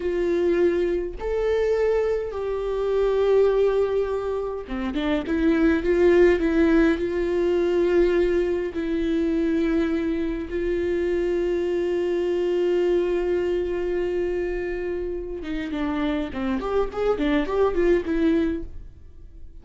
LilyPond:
\new Staff \with { instrumentName = "viola" } { \time 4/4 \tempo 4 = 103 f'2 a'2 | g'1 | c'8 d'8 e'4 f'4 e'4 | f'2. e'4~ |
e'2 f'2~ | f'1~ | f'2~ f'8 dis'8 d'4 | c'8 g'8 gis'8 d'8 g'8 f'8 e'4 | }